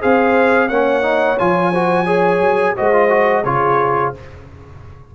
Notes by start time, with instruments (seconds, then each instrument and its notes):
0.00 tuba C4, trombone G#4, horn C5, trumpet F5
0.68 tuba A#3, trombone C#4, horn C#5, trumpet F#5
1.02 trombone D#4
1.39 tuba F3, trombone F4, trumpet G#5
1.72 trombone F#4, horn C5
2.04 trombone G#4, horn C#5
2.40 tuba F#3
2.76 tuba G#3, trombone F#4, horn C5, trumpet D#5
2.93 trombone F4
3.09 trombone F#4
3.44 tuba C#3, trombone F4, horn G#4, trumpet C#5